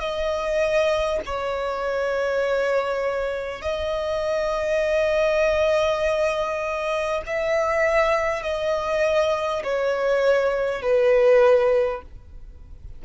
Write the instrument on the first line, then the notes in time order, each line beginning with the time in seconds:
violin
0.00 D#5
1.26 C#5
3.62 D#5
7.27 E5
8.43 D#5
9.64 C#5
10.83 B4